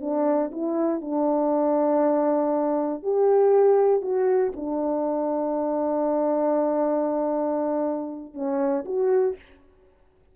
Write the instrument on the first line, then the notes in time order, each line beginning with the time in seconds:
horn
0.00 D4
0.51 E4
1.01 D4
3.03 G4
4.01 F#4
4.56 D4
8.34 C#4
8.85 F#4